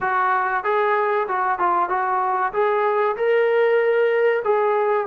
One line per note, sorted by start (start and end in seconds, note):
0.00 0.63 F#4
0.63 1.27 G#4
1.27 1.58 F#4
1.58 1.89 F4
1.89 2.52 F#4
2.52 3.16 G#4
3.16 4.42 A#4
4.44 5.06 G#4